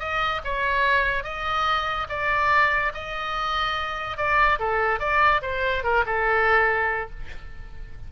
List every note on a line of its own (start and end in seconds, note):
0.00 0.42 D#5
0.45 1.24 C#5
1.24 2.08 D#5
2.10 2.93 D5
2.95 4.18 D#5
4.18 4.59 D5
4.59 5.00 A4
5.00 5.42 D5
5.43 5.84 C5
5.84 6.05 A#4
6.06 7.10 A4